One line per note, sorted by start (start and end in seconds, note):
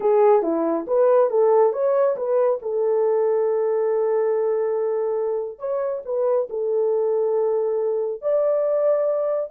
0.00 0.42 G#4
0.42 0.85 E4
0.87 1.29 B4
1.29 1.72 A4
1.72 2.16 C#5
2.16 2.59 B4
2.62 5.58 A4
5.58 6.02 C#5
6.05 6.48 B4
6.49 8.21 A4
8.21 9.50 D5